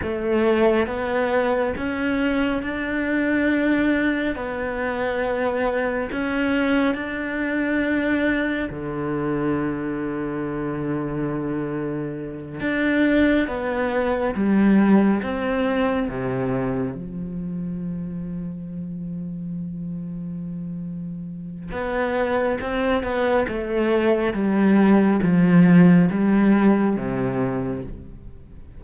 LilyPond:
\new Staff \with { instrumentName = "cello" } { \time 4/4 \tempo 4 = 69 a4 b4 cis'4 d'4~ | d'4 b2 cis'4 | d'2 d2~ | d2~ d8 d'4 b8~ |
b8 g4 c'4 c4 f8~ | f1~ | f4 b4 c'8 b8 a4 | g4 f4 g4 c4 | }